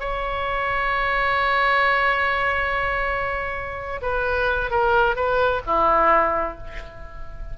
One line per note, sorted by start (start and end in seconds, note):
0.00 4.01 C#5
4.02 4.71 B4
4.71 5.16 A#4
5.16 5.62 B4
5.66 6.58 E4